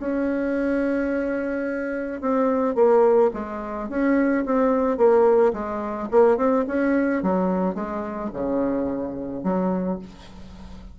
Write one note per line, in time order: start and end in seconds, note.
0.00 2.21 C#4
2.21 2.76 C4
2.76 3.31 A#3
3.34 3.89 G#3
3.89 4.45 C#4
4.46 4.97 C4
4.97 5.53 A#3
5.53 6.09 G#3
6.11 6.37 A#3
6.37 6.65 C4
6.68 7.23 C#4
7.23 7.75 F#3
7.75 8.31 G#3
8.34 9.44 C#3
9.44 9.99 F#3